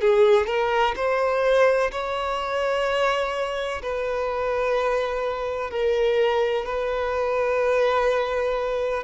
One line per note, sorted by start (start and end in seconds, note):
0.00 0.46 G#4
0.46 0.94 A#4
0.95 1.90 C5
1.91 3.81 C#5
3.82 5.70 B4
5.70 6.65 A#4
6.65 9.03 B4